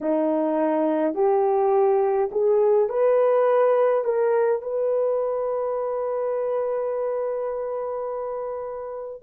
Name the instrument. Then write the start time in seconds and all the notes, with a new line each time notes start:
horn
0.00 D#4
1.14 G4
2.31 G#4
2.88 B4
4.04 A#4
4.62 B4